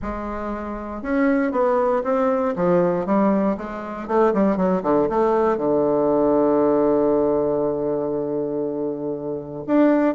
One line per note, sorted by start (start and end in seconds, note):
0.01 1.02 G#3
1.02 1.51 C#4
1.51 2.02 B3
2.03 2.54 C4
2.56 3.06 F3
3.06 3.56 G3
3.57 4.07 G#3
4.07 4.33 A3
4.33 4.56 G3
4.56 4.82 F#3
4.82 5.08 D3
5.09 5.57 A3
5.57 9.64 D3
9.67 10.15 D4